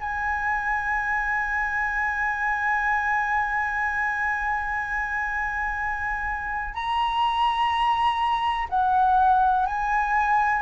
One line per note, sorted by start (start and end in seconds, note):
0.00 6.74 G#5
6.74 8.67 A#5
8.69 9.66 F#5
9.66 10.62 G#5